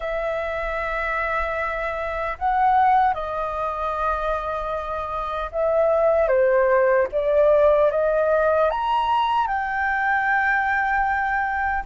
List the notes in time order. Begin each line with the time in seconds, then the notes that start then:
0.00 E5
2.38 F#5
3.14 D#5
5.51 E5
6.28 C5
7.12 D5
7.91 D#5
8.70 A#5
9.47 G5